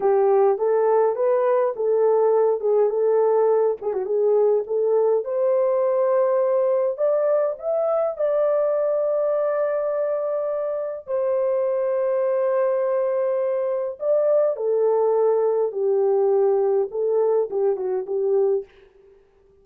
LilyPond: \new Staff \with { instrumentName = "horn" } { \time 4/4 \tempo 4 = 103 g'4 a'4 b'4 a'4~ | a'8 gis'8 a'4. gis'16 fis'16 gis'4 | a'4 c''2. | d''4 e''4 d''2~ |
d''2. c''4~ | c''1 | d''4 a'2 g'4~ | g'4 a'4 g'8 fis'8 g'4 | }